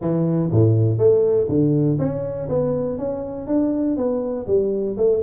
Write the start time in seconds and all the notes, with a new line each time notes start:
0.01 E3
0.51 A2
0.98 A3
1.48 D3
1.98 C#4
2.49 B3
2.98 C#4
3.47 D4
3.96 B3
4.47 G3
4.97 A3